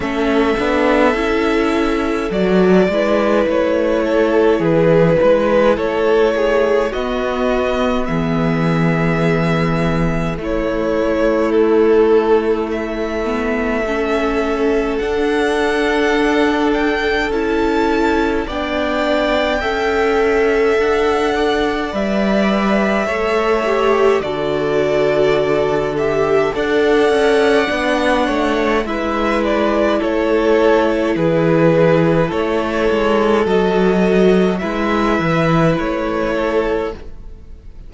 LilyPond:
<<
  \new Staff \with { instrumentName = "violin" } { \time 4/4 \tempo 4 = 52 e''2 d''4 cis''4 | b'4 cis''4 dis''4 e''4~ | e''4 cis''4 a'4 e''4~ | e''4 fis''4. g''8 a''4 |
g''2 fis''4 e''4~ | e''4 d''4. e''8 fis''4~ | fis''4 e''8 d''8 cis''4 b'4 | cis''4 dis''4 e''4 cis''4 | }
  \new Staff \with { instrumentName = "violin" } { \time 4/4 a'2~ a'8 b'4 a'8 | gis'8 b'8 a'8 gis'8 fis'4 gis'4~ | gis'4 e'2. | a'1 |
d''4 e''4. d''4. | cis''4 a'2 d''4~ | d''8 cis''8 b'4 a'4 gis'4 | a'2 b'4. a'8 | }
  \new Staff \with { instrumentName = "viola" } { \time 4/4 cis'8 d'8 e'4 fis'8 e'4.~ | e'2 b2~ | b4 a2~ a8 b8 | cis'4 d'2 e'4 |
d'4 a'2 b'4 | a'8 g'8 fis'4. g'8 a'4 | d'4 e'2.~ | e'4 fis'4 e'2 | }
  \new Staff \with { instrumentName = "cello" } { \time 4/4 a8 b8 cis'4 fis8 gis8 a4 | e8 gis8 a4 b4 e4~ | e4 a2.~ | a4 d'2 cis'4 |
b4 cis'4 d'4 g4 | a4 d2 d'8 cis'8 | b8 a8 gis4 a4 e4 | a8 gis8 fis4 gis8 e8 a4 | }
>>